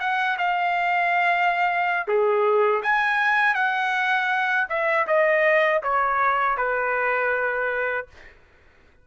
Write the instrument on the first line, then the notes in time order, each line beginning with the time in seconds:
trumpet
0.00 F#5
0.38 F5
2.08 G#4
2.83 G#5
3.55 F#5
4.69 E5
5.07 D#5
5.83 C#5
6.58 B4